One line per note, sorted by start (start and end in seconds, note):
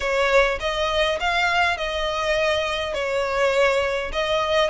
0.00 0.58 C#5
0.60 1.18 D#5
1.20 1.77 F5
1.77 2.94 D#5
2.94 4.11 C#5
4.12 4.70 D#5